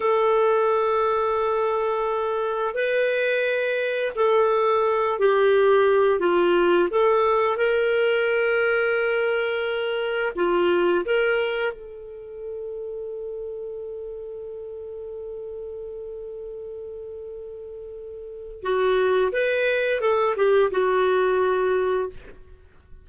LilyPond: \new Staff \with { instrumentName = "clarinet" } { \time 4/4 \tempo 4 = 87 a'1 | b'2 a'4. g'8~ | g'4 f'4 a'4 ais'4~ | ais'2. f'4 |
ais'4 a'2.~ | a'1~ | a'2. fis'4 | b'4 a'8 g'8 fis'2 | }